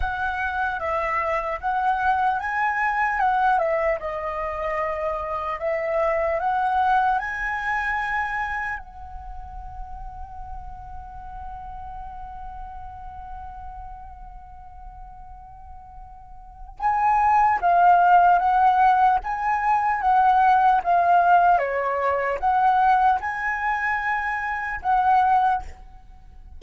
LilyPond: \new Staff \with { instrumentName = "flute" } { \time 4/4 \tempo 4 = 75 fis''4 e''4 fis''4 gis''4 | fis''8 e''8 dis''2 e''4 | fis''4 gis''2 fis''4~ | fis''1~ |
fis''1~ | fis''4 gis''4 f''4 fis''4 | gis''4 fis''4 f''4 cis''4 | fis''4 gis''2 fis''4 | }